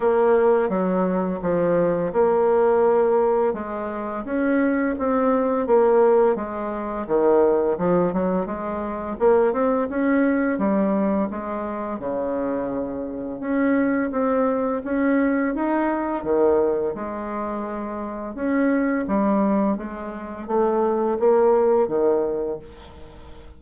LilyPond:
\new Staff \with { instrumentName = "bassoon" } { \time 4/4 \tempo 4 = 85 ais4 fis4 f4 ais4~ | ais4 gis4 cis'4 c'4 | ais4 gis4 dis4 f8 fis8 | gis4 ais8 c'8 cis'4 g4 |
gis4 cis2 cis'4 | c'4 cis'4 dis'4 dis4 | gis2 cis'4 g4 | gis4 a4 ais4 dis4 | }